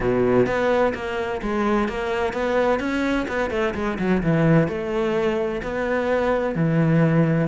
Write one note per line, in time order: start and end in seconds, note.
0.00 0.46 B2
0.46 0.93 B3
0.94 1.41 A#3
1.41 1.88 G#3
1.88 2.33 A#3
2.33 2.79 B3
2.79 3.26 C#4
3.28 3.50 B3
3.50 3.74 A3
3.74 3.97 G#3
3.98 4.22 F#3
4.22 4.67 E3
4.67 5.61 A3
5.62 6.55 B3
6.55 7.47 E3